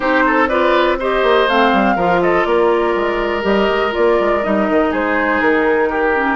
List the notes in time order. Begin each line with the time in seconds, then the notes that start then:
0.00 C4 D#4 G4 C5
0.26 A4
0.47 F4 B4 D5
0.99 G4 C5 D#5
1.22 A#3
1.48 A3 C4 F5
1.72 G3
1.95 F3 F4 A#4
2.22 A4 D#5
2.44 A#3 A#4 D5
2.95 G#3
3.41 G3 G4 D#5
3.69 G#3
3.90 F4 D5
3.97 A#3
4.20 G#3
4.43 G3 D#4 D#5
4.69 D#3
4.90 G#3 G#4 C5
5.41 D#3 A#4
5.89 G4
6.15 C#4